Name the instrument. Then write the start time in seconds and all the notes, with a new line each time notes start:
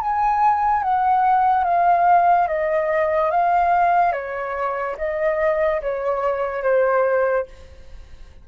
flute
0.00 G#5
0.83 F#5
1.64 F5
2.48 D#5
3.31 F5
4.13 C#5
4.98 D#5
5.82 C#5
6.63 C5